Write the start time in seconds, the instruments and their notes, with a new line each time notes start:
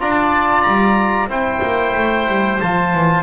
0.00 double bass D4, trombone F4, oboe D5, trumpet A5
0.63 double bass G3, trumpet A#5
1.28 double bass C4, trombone E4, oboe C5, trumpet G5
1.63 double bass A#3
1.96 double bass A3
2.28 double bass G3
2.61 double bass F3, trombone F4, trumpet A5
2.95 double bass E3